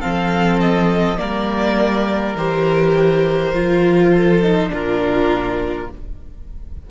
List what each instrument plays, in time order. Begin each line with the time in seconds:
0.00 cello F3, viola C4, violin A4 F5
0.60 violin D#5
1.18 cello G3, viola A#3, violin A#4 D5
2.35 cello E3, viola G4, violin C5
3.53 cello F3, viola F4
4.11 violin A4
4.42 viola D#4
4.69 cello A#2, viola D4, violin F4 A#4